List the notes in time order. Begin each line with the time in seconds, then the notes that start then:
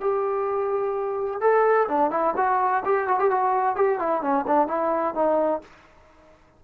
0.00 G4
1.40 A4
1.88 D4
2.10 E4
2.36 F#4
2.85 G4
3.08 F#4
3.19 G4
3.30 F#4
3.76 G4
3.99 E4
4.21 C#4
4.47 D4
4.67 E4
5.14 D#4